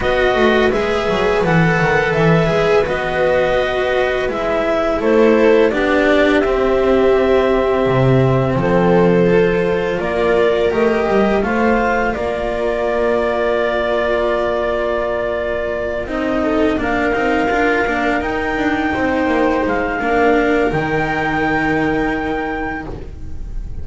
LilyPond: <<
  \new Staff \with { instrumentName = "clarinet" } { \time 4/4 \tempo 4 = 84 dis''4 e''4 fis''4 e''4 | dis''2 e''4 c''4 | d''4 e''2. | c''2 d''4 dis''4 |
f''4 d''2.~ | d''2~ d''8 dis''4 f''8~ | f''4. g''2 f''8~ | f''4 g''2. | }
  \new Staff \with { instrumentName = "viola" } { \time 4/4 b'1~ | b'2. a'4 | g'1 | a'2 ais'2 |
c''4 ais'2.~ | ais'2. a'8 ais'8~ | ais'2~ ais'8 c''4. | ais'1 | }
  \new Staff \with { instrumentName = "cello" } { \time 4/4 fis'4 gis'4 a'4. gis'8 | fis'2 e'2 | d'4 c'2.~ | c'4 f'2 g'4 |
f'1~ | f'2~ f'8 dis'4 d'8 | dis'8 f'8 d'8 dis'2~ dis'8 | d'4 dis'2. | }
  \new Staff \with { instrumentName = "double bass" } { \time 4/4 b8 a8 gis8 fis8 e8 dis8 e8 gis8 | b2 gis4 a4 | b4 c'2 c4 | f2 ais4 a8 g8 |
a4 ais2.~ | ais2~ ais8 c'4 ais8 | c'8 d'8 ais8 dis'8 d'8 c'8 ais8 gis8 | ais4 dis2. | }
>>